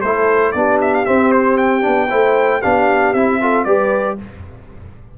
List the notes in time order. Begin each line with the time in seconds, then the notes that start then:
0.00 A3 E4 A4 C5
0.52 B3 D4 G4 D5
0.82 E5
0.95 F5
1.05 C4 E5
1.32 C5
1.58 G5
1.82 B3 D4
2.10 A3 E4 C5
2.62 B3 D4 G4 F5
3.14 C4 E4 E5
3.42 F4 A4
3.65 G3 G4 B4 D5